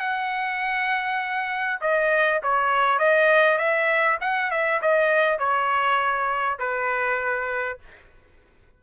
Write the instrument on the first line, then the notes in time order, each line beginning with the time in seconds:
trumpet
0.00 F#5
1.81 D#5
2.43 C#5
2.99 D#5
3.58 E5
4.21 F#5
4.51 E5
4.82 D#5
5.39 C#5
6.59 B4